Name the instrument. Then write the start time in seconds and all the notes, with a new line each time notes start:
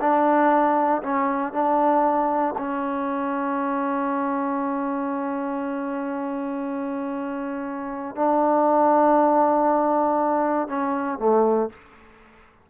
trombone
0.00 D4
1.02 C#4
1.53 D4
2.58 C#4
8.15 D4
10.68 C#4
11.18 A3